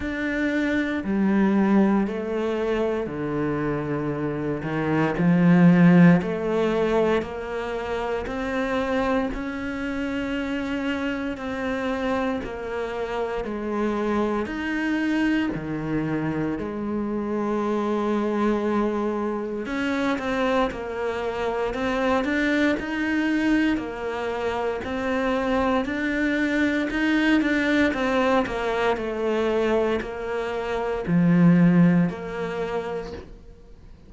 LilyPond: \new Staff \with { instrumentName = "cello" } { \time 4/4 \tempo 4 = 58 d'4 g4 a4 d4~ | d8 dis8 f4 a4 ais4 | c'4 cis'2 c'4 | ais4 gis4 dis'4 dis4 |
gis2. cis'8 c'8 | ais4 c'8 d'8 dis'4 ais4 | c'4 d'4 dis'8 d'8 c'8 ais8 | a4 ais4 f4 ais4 | }